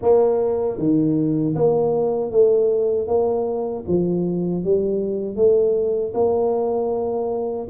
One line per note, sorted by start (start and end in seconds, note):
0.02 0.78 A#3
0.78 1.55 D#3
1.55 2.30 A#3
2.30 3.07 A3
3.07 3.84 A#3
3.87 4.64 F3
4.64 5.36 G3
5.36 6.13 A3
6.14 7.67 A#3